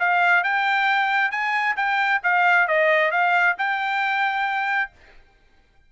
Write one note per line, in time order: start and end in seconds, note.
0.00 0.44 F5
0.44 1.32 G5
1.32 1.76 G#5
1.77 2.21 G5
2.23 2.68 F5
2.68 3.12 D#5
3.12 3.56 F5
3.59 4.92 G5